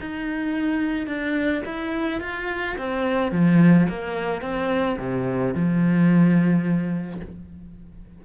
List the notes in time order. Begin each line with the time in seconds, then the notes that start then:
0.00 D#4
1.07 D4
1.65 E4
2.20 F4
2.78 C4
3.32 F3
3.88 A#3
4.41 C4
4.98 C3
5.54 F3